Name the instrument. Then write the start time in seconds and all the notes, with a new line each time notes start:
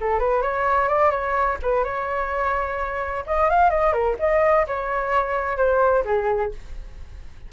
flute
0.00 A4
0.19 B4
0.42 C#5
0.88 D5
1.10 C#5
1.62 B4
1.83 C#5
3.26 D#5
3.49 F5
3.70 D#5
3.92 A#4
4.19 D#5
4.67 C#5
5.57 C5
6.04 G#4